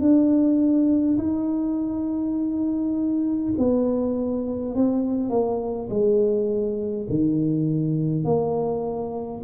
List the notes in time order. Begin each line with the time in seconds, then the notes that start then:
0.00 D4
1.18 D#4
3.58 B3
4.75 C4
5.30 A#3
5.90 G#3
7.09 D#3
8.25 A#3